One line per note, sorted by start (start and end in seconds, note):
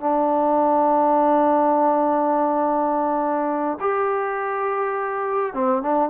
0.00 3.79 D4
3.80 5.54 G4
5.54 5.83 C4
5.83 6.10 D4